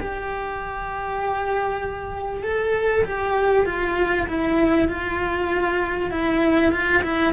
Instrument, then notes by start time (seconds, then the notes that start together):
cello
0.00 G4
2.43 A4
3.04 G4
3.66 F4
4.28 E4
4.88 F4
6.11 E4
6.72 F4
7.02 E4